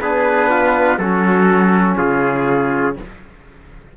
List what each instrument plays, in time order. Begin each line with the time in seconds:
0.00 cello B3, trombone D4, trumpet G#4 B4
0.49 trumpet F4
0.98 cello F#3, trombone C#4, trumpet F#4 A4
1.97 cello C#3, trumpet F4 G#4